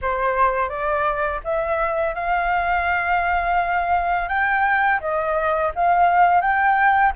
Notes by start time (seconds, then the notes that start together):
0.01 C5
0.69 D5
1.44 E5
2.14 F5
4.28 G5
5.00 D#5
5.75 F5
6.41 G5